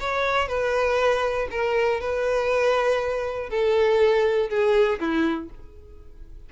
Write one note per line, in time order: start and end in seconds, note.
0.00 0.48 C#5
0.48 1.48 B4
1.51 2.00 A#4
2.00 3.50 B4
3.50 4.49 A4
4.49 4.99 G#4
5.00 5.50 E4